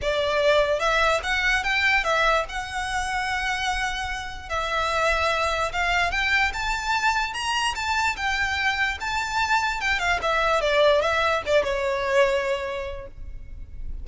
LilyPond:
\new Staff \with { instrumentName = "violin" } { \time 4/4 \tempo 4 = 147 d''2 e''4 fis''4 | g''4 e''4 fis''2~ | fis''2. e''4~ | e''2 f''4 g''4 |
a''2 ais''4 a''4 | g''2 a''2 | g''8 f''8 e''4 d''4 e''4 | d''8 cis''2.~ cis''8 | }